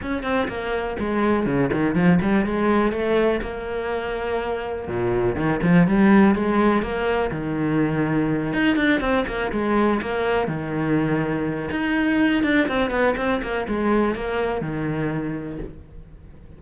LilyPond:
\new Staff \with { instrumentName = "cello" } { \time 4/4 \tempo 4 = 123 cis'8 c'8 ais4 gis4 cis8 dis8 | f8 g8 gis4 a4 ais4~ | ais2 ais,4 dis8 f8 | g4 gis4 ais4 dis4~ |
dis4. dis'8 d'8 c'8 ais8 gis8~ | gis8 ais4 dis2~ dis8 | dis'4. d'8 c'8 b8 c'8 ais8 | gis4 ais4 dis2 | }